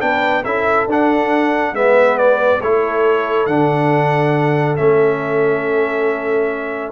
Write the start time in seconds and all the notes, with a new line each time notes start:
0.00 B3 D4 B4 G5
0.43 C#4 E4 A4 E5
0.87 D4 F#5
1.72 G#3 B3 B4 E5
2.17 D5
2.61 A3 E4 A4 C#5
3.46 D3 D4 F#5
4.76 A3 C#4 E5